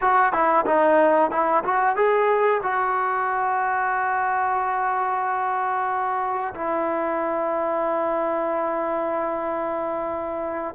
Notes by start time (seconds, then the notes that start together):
0.01 F#4
0.32 E4
0.66 D#4
1.30 E4
1.64 F#4
1.96 G#4
2.62 F#4
6.54 E4